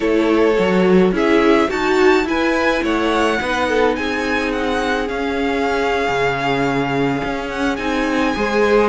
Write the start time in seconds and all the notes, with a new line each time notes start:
0.00 A3 E4 A4 C#5
0.58 F#3 F#4
1.11 C#4 E4 G#4 E5
1.69 D#4 F#4 A5
2.24 E4 B4 G#5
2.83 A3 C#5 F#5
3.41 B3 D#4 B4
3.68 A4
3.95 C4 G#4 G#5
4.52 F#5
5.07 C#4 F5
6.08 C#3
7.23 C#4
7.48 F#5
7.76 C4 D#4 G#5
8.35 G#3 G#4 C5